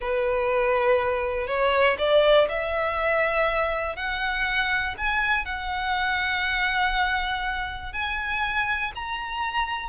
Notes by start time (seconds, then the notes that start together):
0.00 B4
1.47 C#5
1.98 D5
2.48 E5
3.96 F#5
4.97 G#5
5.45 F#5
7.92 G#5
8.95 A#5